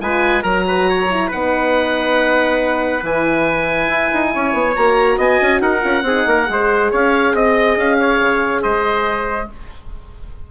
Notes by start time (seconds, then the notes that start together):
0.00 G#3 F4 B4 G#5
0.42 F#3 F#4 A#4 A#5
0.67 B4
0.89 C#5
1.10 E4
1.27 B3 D#4 B4 F#5
3.02 E3 E4 G#5
3.88 E4
4.13 D#4
4.34 C#4 C#5
4.53 B3
4.76 A#3 F#4 A#5
5.17 B3 D#5 G#5
5.41 C#4
5.60 D#4 A#4 F#5
5.81 C#4 F4
6.02 C4 D#4 G#4
6.26 A#3 A#4
6.46 G#3 G#4
6.52 C5
6.91 C#4 C#5 F5
7.33 C4 D#5
7.77 C#4 F5
7.99 C#5
8.20 C#3
8.62 G#3 C5 D#5